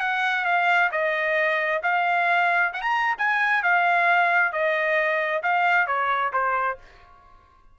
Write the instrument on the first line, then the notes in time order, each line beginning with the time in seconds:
trumpet
0.00 F#5
0.45 F5
0.91 D#5
1.83 F5
2.73 F#5
2.82 A#5
3.18 G#5
3.63 F5
4.52 D#5
5.43 F5
5.87 C#5
6.33 C5